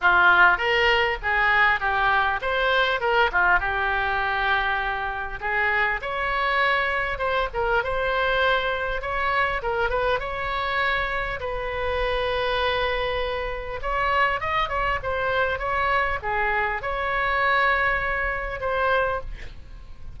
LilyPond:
\new Staff \with { instrumentName = "oboe" } { \time 4/4 \tempo 4 = 100 f'4 ais'4 gis'4 g'4 | c''4 ais'8 f'8 g'2~ | g'4 gis'4 cis''2 | c''8 ais'8 c''2 cis''4 |
ais'8 b'8 cis''2 b'4~ | b'2. cis''4 | dis''8 cis''8 c''4 cis''4 gis'4 | cis''2. c''4 | }